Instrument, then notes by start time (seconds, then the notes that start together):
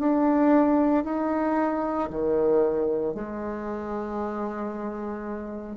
bassoon
0.00 D4
1.05 D#4
2.11 D#3
3.15 G#3